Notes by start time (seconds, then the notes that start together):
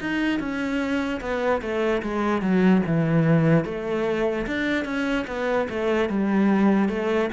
0.00 D#4
0.39 C#4
1.21 B3
1.61 A3
2.02 G#3
2.41 F#3
2.86 E3
3.64 A3
4.46 D4
4.84 C#4
5.27 B3
5.69 A3
6.08 G3
6.88 A3